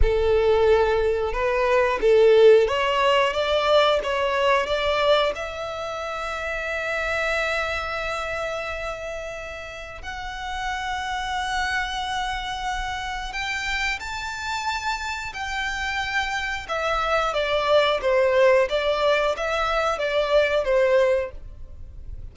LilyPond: \new Staff \with { instrumentName = "violin" } { \time 4/4 \tempo 4 = 90 a'2 b'4 a'4 | cis''4 d''4 cis''4 d''4 | e''1~ | e''2. fis''4~ |
fis''1 | g''4 a''2 g''4~ | g''4 e''4 d''4 c''4 | d''4 e''4 d''4 c''4 | }